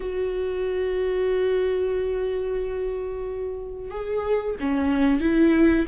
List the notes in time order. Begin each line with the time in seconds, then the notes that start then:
0.00 F#4
3.90 G#4
4.59 C#4
5.20 E4